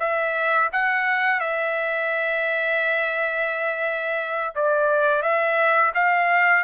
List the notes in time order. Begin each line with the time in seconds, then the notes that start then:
0.00 E5
0.73 F#5
1.40 E5
4.55 D5
5.23 E5
5.95 F5